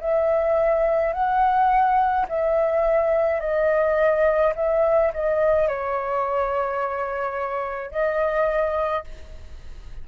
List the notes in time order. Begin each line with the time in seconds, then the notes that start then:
0.00 E5
1.13 F#5
2.28 E5
3.40 D#5
4.55 E5
5.13 D#5
5.68 C#5
7.91 D#5